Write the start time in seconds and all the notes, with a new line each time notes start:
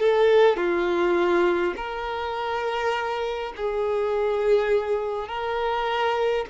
0.00 A4
0.57 F4
1.77 A#4
3.57 G#4
5.28 A#4